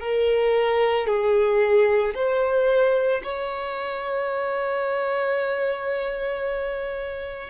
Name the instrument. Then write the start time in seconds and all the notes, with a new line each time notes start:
violin
0.00 A#4
1.07 G#4
2.15 C5
3.23 C#5